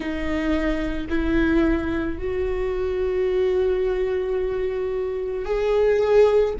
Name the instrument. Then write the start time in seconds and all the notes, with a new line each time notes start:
viola
0.00 D#4
1.09 E4
2.18 F#4
5.45 G#4